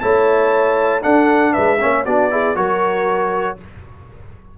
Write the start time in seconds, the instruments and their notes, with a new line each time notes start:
0.00 tuba A3, trombone E4, horn C#5, trumpet A5
1.02 trombone D4, tuba D4, horn A4, trumpet F#5
1.53 tuba G#3, horn B4, trumpet E5
1.80 tuba A#3, trombone C#4, horn C#5
2.05 tuba B3, trombone D4, horn F#4, trumpet D5
2.30 trombone E4, horn G#4
2.55 tuba F#3, trombone F#4, horn A#4, trumpet C#5